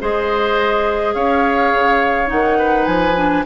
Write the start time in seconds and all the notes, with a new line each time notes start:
0.00 G#3 G#4 C5 D#5
1.14 C#4 C#5 F5
1.74 C#3
2.27 D#3 D#4 F#5
2.58 B4
2.86 F3 G#5
3.16 D4